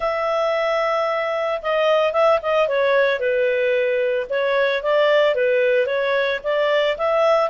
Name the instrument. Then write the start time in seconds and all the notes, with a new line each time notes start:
clarinet
0.00 E5
1.62 D#5
2.12 E5
2.42 D#5
2.68 C#5
3.19 B4
4.29 C#5
4.83 D5
5.34 B4
5.86 C#5
6.43 D5
6.97 E5